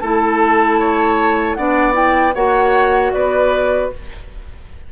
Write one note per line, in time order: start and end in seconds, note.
0.00 1.57 A3
0.00 1.58 E4
0.00 0.79 A4
0.00 1.54 A5
0.79 1.57 C#5
1.54 2.35 B3
1.54 1.93 D4
1.54 2.34 D5
1.54 1.93 F#5
1.93 2.31 E4
1.93 2.34 G5
2.34 3.13 A#3
2.34 3.91 F#4
2.34 3.12 C#5
2.34 3.12 F#5
3.12 3.92 B3
3.12 3.92 B4
3.12 3.90 D5